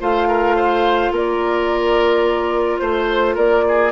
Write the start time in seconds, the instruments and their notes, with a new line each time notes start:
0.00 bassoon A3, clarinet F4, oboe C5, flute F5
0.28 oboe A#4
0.56 oboe C5
1.11 bassoon A#3, oboe A#4, flute D5
2.79 bassoon A3, flute C5, oboe C5
3.35 bassoon A#3, oboe A#4, flute D5
3.68 oboe G#4